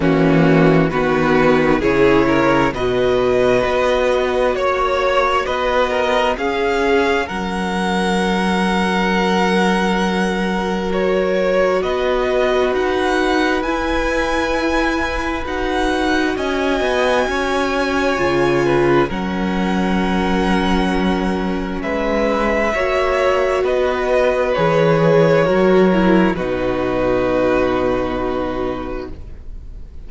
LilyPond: <<
  \new Staff \with { instrumentName = "violin" } { \time 4/4 \tempo 4 = 66 fis'4 b'4 cis''4 dis''4~ | dis''4 cis''4 dis''4 f''4 | fis''1 | cis''4 dis''4 fis''4 gis''4~ |
gis''4 fis''4 gis''2~ | gis''4 fis''2. | e''2 dis''4 cis''4~ | cis''4 b'2. | }
  \new Staff \with { instrumentName = "violin" } { \time 4/4 cis'4 fis'4 gis'8 ais'8 b'4~ | b'4 cis''4 b'8 ais'8 gis'4 | ais'1~ | ais'4 b'2.~ |
b'2 dis''4 cis''4~ | cis''8 b'8 ais'2. | b'4 cis''4 b'2 | ais'4 fis'2. | }
  \new Staff \with { instrumentName = "viola" } { \time 4/4 ais4 b4 e'4 fis'4~ | fis'2. cis'4~ | cis'1 | fis'2. e'4~ |
e'4 fis'2. | f'4 cis'2.~ | cis'4 fis'2 gis'4 | fis'8 e'8 dis'2. | }
  \new Staff \with { instrumentName = "cello" } { \time 4/4 e4 dis4 cis4 b,4 | b4 ais4 b4 cis'4 | fis1~ | fis4 b4 dis'4 e'4~ |
e'4 dis'4 cis'8 b8 cis'4 | cis4 fis2. | gis4 ais4 b4 e4 | fis4 b,2. | }
>>